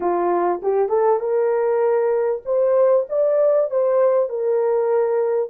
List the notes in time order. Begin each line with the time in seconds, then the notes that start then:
0.00 F4
0.62 G4
0.88 A4
1.19 A#4
2.45 C5
3.09 D5
3.70 C5
4.29 A#4